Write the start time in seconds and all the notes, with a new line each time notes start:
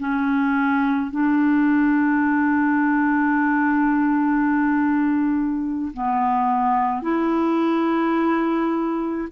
0.00 C#4
1.11 D4
5.94 B3
7.02 E4